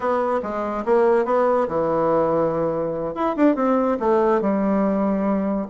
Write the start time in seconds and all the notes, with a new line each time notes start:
0.00 B3
0.42 G#3
0.85 A#3
1.25 B3
1.68 E3
3.14 E4
3.36 D4
3.55 C4
3.99 A3
4.41 G3